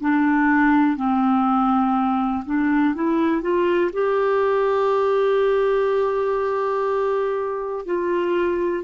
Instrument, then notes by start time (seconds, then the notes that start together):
clarinet
0.00 D4
0.97 C4
2.45 D4
2.95 E4
3.42 F4
3.93 G4
7.86 F4